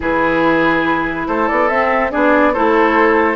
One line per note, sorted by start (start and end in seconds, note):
0.00 1.27 E3
0.00 1.69 E4
0.00 1.27 G#4
0.00 1.27 B4
1.27 1.48 A3
1.27 2.11 A4
1.27 1.48 C5
1.48 1.70 B3
1.48 1.68 D5
1.68 2.12 C4
1.68 2.10 C4
1.68 2.10 E5
2.10 2.56 B3
2.10 2.53 D4
2.10 2.53 G#4
2.10 2.53 D5
2.53 3.35 A3
2.53 3.35 E4
2.53 3.35 A4
2.53 3.35 C5